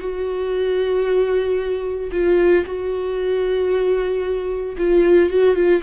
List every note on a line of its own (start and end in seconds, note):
0.00 2.11 F#4
2.12 2.64 F4
2.66 4.76 F#4
4.78 5.29 F4
5.29 5.55 F#4
5.55 5.82 F4